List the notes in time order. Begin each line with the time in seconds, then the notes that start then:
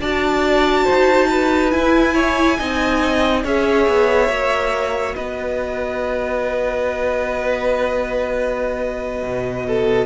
0.00 D4 F#4 D5 A5
0.85 D#4 C5
1.31 B4
1.71 E4 G#5
2.14 C#5
2.58 C4 D#4 D#5
3.44 C#4 G#4 C#5 E5
3.88 B3
4.29 A#3 F#4
5.15 B3 B4 D#5
9.23 B2
9.67 A4